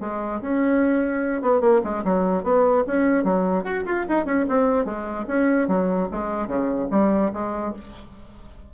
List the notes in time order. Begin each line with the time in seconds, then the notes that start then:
0.00 G#3
0.41 C#4
1.42 B3
1.61 A#3
1.83 G#3
2.04 F#3
2.43 B3
2.87 C#4
3.24 F#3
3.64 F#4
3.85 F4
4.08 D#4
4.25 C#4
4.48 C4
4.85 G#3
5.27 C#4
5.68 F#3
6.11 G#3
6.47 C#3
6.90 G3
7.33 G#3